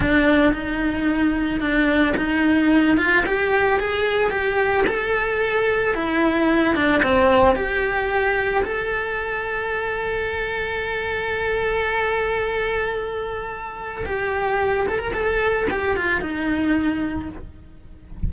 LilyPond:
\new Staff \with { instrumentName = "cello" } { \time 4/4 \tempo 4 = 111 d'4 dis'2 d'4 | dis'4. f'8 g'4 gis'4 | g'4 a'2 e'4~ | e'8 d'8 c'4 g'2 |
a'1~ | a'1~ | a'2 g'4. a'16 ais'16 | a'4 g'8 f'8 dis'2 | }